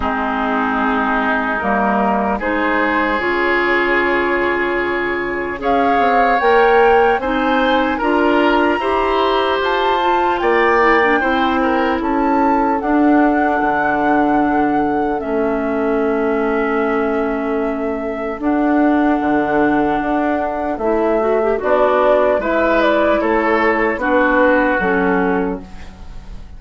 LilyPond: <<
  \new Staff \with { instrumentName = "flute" } { \time 4/4 \tempo 4 = 75 gis'2 ais'4 c''4 | cis''2. f''4 | g''4 gis''4 ais''2 | a''4 g''2 a''4 |
fis''2. e''4~ | e''2. fis''4~ | fis''2 e''4 d''4 | e''8 d''8 cis''4 b'4 a'4 | }
  \new Staff \with { instrumentName = "oboe" } { \time 4/4 dis'2. gis'4~ | gis'2. cis''4~ | cis''4 c''4 ais'4 c''4~ | c''4 d''4 c''8 ais'8 a'4~ |
a'1~ | a'1~ | a'2. d'4 | b'4 a'4 fis'2 | }
  \new Staff \with { instrumentName = "clarinet" } { \time 4/4 c'2 ais4 dis'4 | f'2. gis'4 | ais'4 dis'4 f'4 g'4~ | g'8 f'4 e'16 d'16 e'2 |
d'2. cis'4~ | cis'2. d'4~ | d'2 e'8 fis'16 g'16 fis'4 | e'2 d'4 cis'4 | }
  \new Staff \with { instrumentName = "bassoon" } { \time 4/4 gis2 g4 gis4 | cis2. cis'8 c'8 | ais4 c'4 d'4 e'4 | f'4 ais4 c'4 cis'4 |
d'4 d2 a4~ | a2. d'4 | d4 d'4 a4 b4 | gis4 a4 b4 fis4 | }
>>